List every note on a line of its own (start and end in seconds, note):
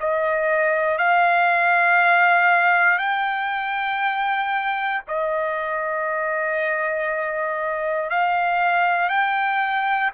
0.00 0.98 D#5
0.98 2.98 F5
2.98 5.02 G5
5.08 8.10 D#5
8.10 9.09 F5
9.09 10.11 G5